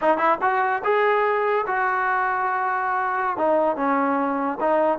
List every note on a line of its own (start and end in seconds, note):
0.01 0.17 D#4
0.17 0.38 E4
0.41 0.82 F#4
0.83 1.65 G#4
1.66 3.37 F#4
3.37 3.76 D#4
3.76 4.58 C#4
4.60 4.98 D#4